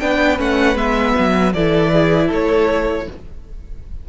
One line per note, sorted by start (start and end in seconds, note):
0.00 0.39 B3
0.00 0.38 D4
0.00 1.54 B4
0.00 0.38 G5
0.38 0.75 A3
0.38 0.76 C#4
0.38 0.77 F#5
0.75 1.13 G#3
0.75 1.52 B3
0.75 1.53 E5
1.19 1.54 F#3
1.53 2.30 E3
1.53 3.09 E4
1.53 1.92 A4
1.53 2.29 D5
1.93 2.27 G#4
2.27 3.07 A3
2.27 3.03 A4
2.33 3.09 C#5